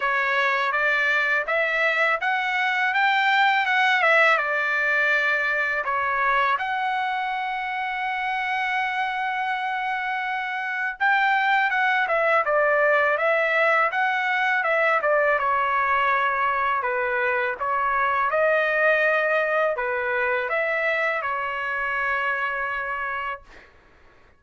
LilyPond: \new Staff \with { instrumentName = "trumpet" } { \time 4/4 \tempo 4 = 82 cis''4 d''4 e''4 fis''4 | g''4 fis''8 e''8 d''2 | cis''4 fis''2.~ | fis''2. g''4 |
fis''8 e''8 d''4 e''4 fis''4 | e''8 d''8 cis''2 b'4 | cis''4 dis''2 b'4 | e''4 cis''2. | }